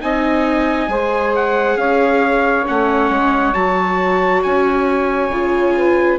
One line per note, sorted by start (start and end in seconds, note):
0.00 0.88 C4
0.00 0.88 D#4
0.00 0.90 D#5
0.00 1.33 G#5
0.88 1.76 G#3
0.88 2.65 G#4
0.88 1.78 C5
1.35 1.77 F#5
1.76 2.64 C#4
1.76 5.75 C#5
1.76 2.65 F5
2.65 3.10 A3
2.65 3.54 C#4
2.65 3.53 F#5
3.10 3.54 G#3
3.53 4.42 F#3
3.53 5.31 F#4
3.53 4.42 A5
4.42 5.29 C#4
4.42 6.19 G#5
5.29 6.17 C#3
5.29 6.19 F4
5.76 6.19 B4